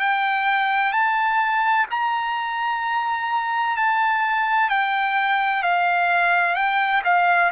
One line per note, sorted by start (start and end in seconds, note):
0.00 0.93 G5
0.93 1.87 A5
1.91 3.78 A#5
3.78 4.70 A5
4.70 5.63 G5
5.63 6.56 F5
6.56 7.03 G5
7.05 7.52 F5